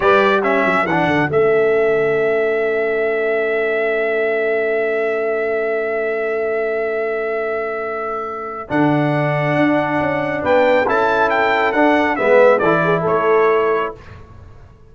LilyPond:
<<
  \new Staff \with { instrumentName = "trumpet" } { \time 4/4 \tempo 4 = 138 d''4 e''4 fis''4 e''4~ | e''1~ | e''1~ | e''1~ |
e''1 | fis''1 | g''4 a''4 g''4 fis''4 | e''4 d''4 cis''2 | }
  \new Staff \with { instrumentName = "horn" } { \time 4/4 b'4 a'2.~ | a'1~ | a'1~ | a'1~ |
a'1~ | a'1 | b'4 a'2. | b'4 a'8 gis'8 a'2 | }
  \new Staff \with { instrumentName = "trombone" } { \time 4/4 g'4 cis'4 d'4 cis'4~ | cis'1~ | cis'1~ | cis'1~ |
cis'1 | d'1~ | d'4 e'2 d'4 | b4 e'2. | }
  \new Staff \with { instrumentName = "tuba" } { \time 4/4 g4. fis8 e8 d8 a4~ | a1~ | a1~ | a1~ |
a1 | d2 d'4 cis'4 | b4 cis'2 d'4 | gis4 e4 a2 | }
>>